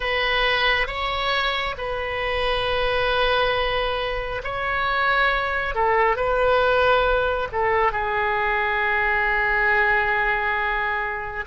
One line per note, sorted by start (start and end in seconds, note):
0.00 0.87 B4
0.87 1.75 C#5
1.77 4.42 B4
4.44 5.74 C#5
5.74 6.16 A4
6.16 7.48 B4
7.52 7.92 A4
7.92 11.45 G#4